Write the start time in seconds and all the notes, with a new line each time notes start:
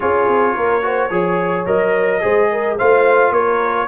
0.00 C#4 F4 G#4 C#5
0.27 C4
0.55 A#3 A#4
0.82 F#4 C5
1.10 F3 G#4 C#5
1.66 F#3 A#4 D#5
2.20 G#3 G#4 C5
2.51 A#4
2.77 A3 F4 C5 F5
3.31 A#3 A#4 C#5